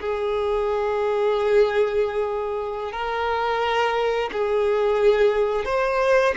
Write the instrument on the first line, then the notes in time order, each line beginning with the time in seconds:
violin
0.00 G#4
2.92 A#4
4.32 G#4
5.65 C5